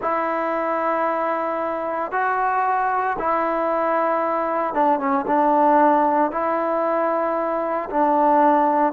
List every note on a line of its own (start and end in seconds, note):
0.01 2.11 E4
2.11 3.16 F#4
3.18 4.74 E4
4.74 4.99 D4
4.99 5.25 C#4
5.26 6.31 D4
6.31 7.89 E4
7.89 8.92 D4